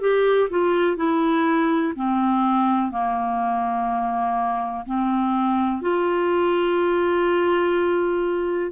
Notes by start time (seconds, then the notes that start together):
0.00 G4
0.49 F4
0.96 E4
1.96 C4
2.91 A#3
4.85 C4
5.81 F4